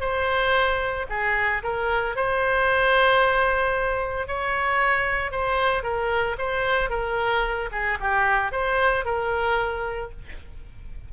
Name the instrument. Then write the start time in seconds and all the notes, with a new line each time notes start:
oboe
0.00 C5
1.09 G#4
1.63 A#4
2.16 C5
4.27 C#5
5.31 C5
5.83 A#4
6.38 C5
6.90 A#4
7.72 G#4
8.00 G4
8.52 C5
9.05 A#4